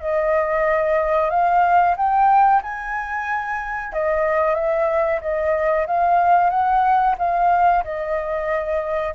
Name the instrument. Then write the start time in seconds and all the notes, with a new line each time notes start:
flute
0.00 D#5
1.30 F5
1.96 G5
2.62 G#5
3.92 D#5
4.54 E5
5.21 D#5
5.86 F5
6.50 F#5
7.18 F5
7.83 D#5